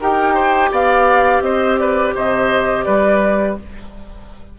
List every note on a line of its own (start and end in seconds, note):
0.00 0.71 D#4
0.00 3.58 G4
0.00 0.33 A#4
0.00 0.72 G5
0.33 0.69 C5
0.71 1.40 B3
0.71 1.43 D5
0.71 1.42 F5
1.40 2.12 C4
1.40 1.80 C5
1.40 1.78 D#5
1.78 2.14 B4
1.78 2.14 D5
2.14 2.86 C3
2.14 2.85 C5
2.14 2.83 D#5
2.83 3.58 G3
2.83 3.57 B4
2.83 3.55 D5